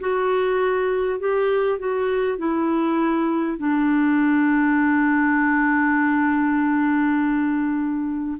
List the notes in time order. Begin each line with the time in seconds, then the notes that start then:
0.00 F#4
1.19 G4
1.79 F#4
2.38 E4
3.58 D4